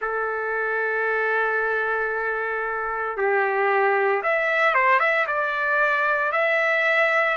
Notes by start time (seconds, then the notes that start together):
0.01 A4
3.17 G4
4.22 E5
4.74 C5
4.99 E5
5.27 D5
6.32 E5